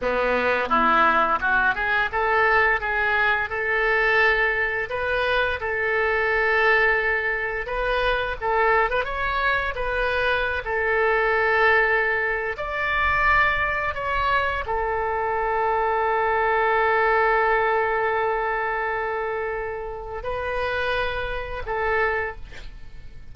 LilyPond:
\new Staff \with { instrumentName = "oboe" } { \time 4/4 \tempo 4 = 86 b4 e'4 fis'8 gis'8 a'4 | gis'4 a'2 b'4 | a'2. b'4 | a'8. b'16 cis''4 b'4~ b'16 a'8.~ |
a'2 d''2 | cis''4 a'2.~ | a'1~ | a'4 b'2 a'4 | }